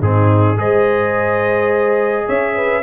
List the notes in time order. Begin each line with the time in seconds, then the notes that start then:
0.00 G#2 C4 D#4 G#4
0.57 G#3 G#4 C5 D#5
2.27 C#4 C#5 E5
2.55 B4